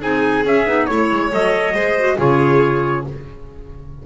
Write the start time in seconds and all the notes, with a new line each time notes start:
0.00 C4 D#4 G#4 G#5
0.45 C#4 E5
0.66 B3 D#4
0.86 A3 E4 C#5
1.11 G#3
1.30 F#3 A4 D#5
1.74 G#3 G#4 C5
1.99 F#4
2.18 C#3 F4 G#4 C#5